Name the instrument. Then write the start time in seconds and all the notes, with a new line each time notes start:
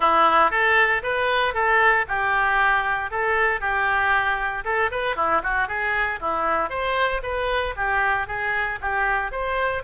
oboe
0.00 E4
0.50 A4
1.03 B4
1.54 A4
2.07 G4
3.10 A4
3.60 G4
4.64 A4
4.91 B4
5.15 E4
5.43 F#4
5.68 G#4
6.20 E4
6.69 C5
7.22 B4
7.76 G4
8.27 G#4
8.81 G4
9.31 C5